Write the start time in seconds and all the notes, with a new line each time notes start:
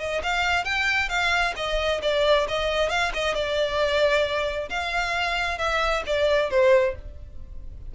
0.00 D#5
0.23 F5
0.65 G5
1.09 F5
1.57 D#5
2.03 D5
2.49 D#5
2.90 F5
3.14 D#5
3.35 D5
4.70 F5
5.58 E5
6.07 D5
6.51 C5